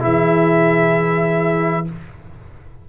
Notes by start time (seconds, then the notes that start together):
0.00 E3 E4 G#4 E5